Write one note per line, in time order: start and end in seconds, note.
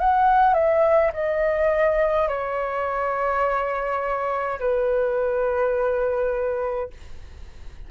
0.00 0.54 F#5
0.54 1.12 E5
1.13 2.28 D#5
2.28 4.59 C#5
4.59 6.90 B4